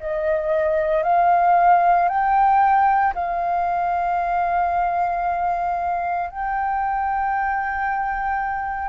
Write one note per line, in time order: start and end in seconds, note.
0.00 1.03 D#5
1.03 2.09 F5
2.09 3.14 G5
3.15 6.31 F5
6.31 8.89 G5